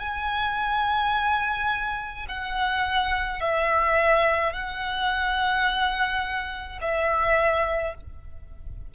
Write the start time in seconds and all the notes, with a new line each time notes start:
0.00 G#5
2.29 F#5
3.41 E5
4.53 F#5
6.82 E5